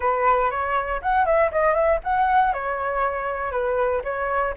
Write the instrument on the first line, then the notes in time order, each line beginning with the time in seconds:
flute
0.00 B4
0.50 C#5
1.02 F#5
1.25 E5
1.51 D#5
1.74 E5
2.03 F#5
2.53 C#5
3.51 B4
4.04 C#5